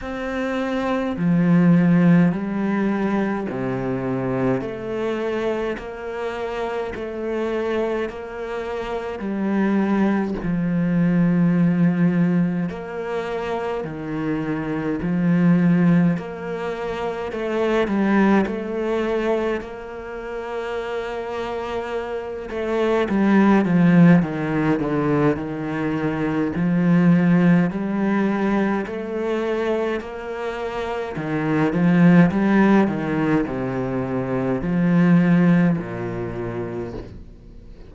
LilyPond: \new Staff \with { instrumentName = "cello" } { \time 4/4 \tempo 4 = 52 c'4 f4 g4 c4 | a4 ais4 a4 ais4 | g4 f2 ais4 | dis4 f4 ais4 a8 g8 |
a4 ais2~ ais8 a8 | g8 f8 dis8 d8 dis4 f4 | g4 a4 ais4 dis8 f8 | g8 dis8 c4 f4 ais,4 | }